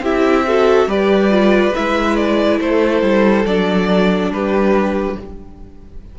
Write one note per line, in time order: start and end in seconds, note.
0.00 0.86 C4
0.00 0.46 E4
0.00 0.46 G4
0.00 0.89 E5
0.47 0.88 F#4
0.47 0.88 A4
0.86 1.72 G3
0.86 1.30 G4
0.86 2.60 B4
0.86 1.74 D5
1.30 1.73 F4
1.74 2.59 G#3
1.74 3.46 E4
1.74 2.16 E5
2.16 2.59 D5
2.59 3.02 A3
2.59 4.32 A4
2.59 3.46 C5
3.02 3.45 G3
3.45 4.30 F#3
3.45 5.19 D4
3.45 4.31 D5
4.30 5.16 G3
4.30 5.19 G4
4.30 5.18 B4